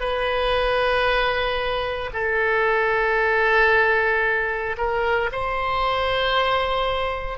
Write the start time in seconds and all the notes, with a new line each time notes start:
0.00 B4
2.13 A4
4.78 A#4
5.32 C5